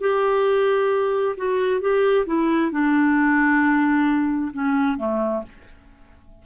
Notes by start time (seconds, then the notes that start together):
0.00 G4
1.37 F#4
1.80 G4
2.26 E4
2.71 D4
4.53 C#4
4.97 A3